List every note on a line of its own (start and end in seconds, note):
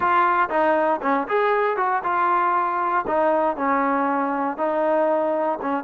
0.00 0.49 F4
0.49 1.00 D#4
1.02 1.27 C#4
1.28 1.76 G#4
1.76 2.02 F#4
2.03 3.05 F4
3.07 3.56 D#4
3.56 4.57 C#4
4.57 5.58 D#4
5.61 5.84 C#4